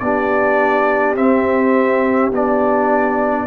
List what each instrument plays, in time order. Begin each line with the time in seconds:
0.00 tuba B3, trombone D4, horn G4, trumpet D5
1.16 tuba C4, trombone C4, trumpet E5
2.33 tuba B3, trombone D4, trumpet D5